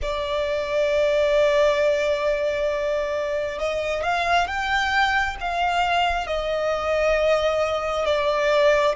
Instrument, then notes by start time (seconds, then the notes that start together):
violin
0.02 D5
3.58 D#5
4.03 F5
4.47 G5
5.40 F5
6.26 D#5
8.05 D5